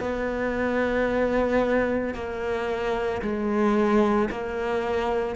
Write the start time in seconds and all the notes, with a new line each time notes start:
0.00 B3
2.15 A#3
3.22 G#3
4.31 A#3